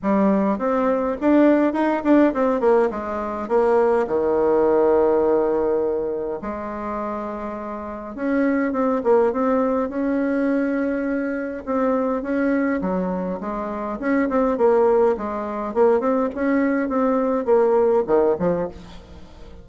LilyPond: \new Staff \with { instrumentName = "bassoon" } { \time 4/4 \tempo 4 = 103 g4 c'4 d'4 dis'8 d'8 | c'8 ais8 gis4 ais4 dis4~ | dis2. gis4~ | gis2 cis'4 c'8 ais8 |
c'4 cis'2. | c'4 cis'4 fis4 gis4 | cis'8 c'8 ais4 gis4 ais8 c'8 | cis'4 c'4 ais4 dis8 f8 | }